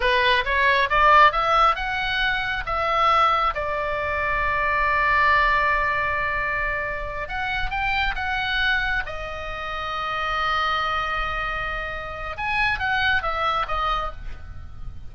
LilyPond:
\new Staff \with { instrumentName = "oboe" } { \time 4/4 \tempo 4 = 136 b'4 cis''4 d''4 e''4 | fis''2 e''2 | d''1~ | d''1~ |
d''8 fis''4 g''4 fis''4.~ | fis''8 dis''2.~ dis''8~ | dis''1 | gis''4 fis''4 e''4 dis''4 | }